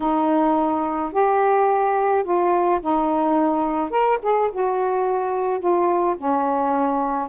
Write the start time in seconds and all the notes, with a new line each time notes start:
0.00 D#4
1.12 G4
2.23 F4
2.81 D#4
3.90 A#4
4.22 G#4
4.51 F#4
5.59 F4
6.17 C#4